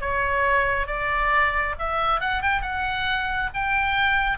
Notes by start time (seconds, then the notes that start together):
0.00 C#5
0.86 D5
1.78 E5
2.20 F#5
2.41 G5
2.61 F#5
3.54 G5